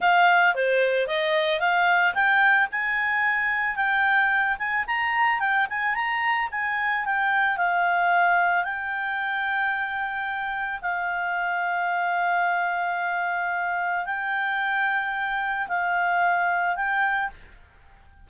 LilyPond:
\new Staff \with { instrumentName = "clarinet" } { \time 4/4 \tempo 4 = 111 f''4 c''4 dis''4 f''4 | g''4 gis''2 g''4~ | g''8 gis''8 ais''4 g''8 gis''8 ais''4 | gis''4 g''4 f''2 |
g''1 | f''1~ | f''2 g''2~ | g''4 f''2 g''4 | }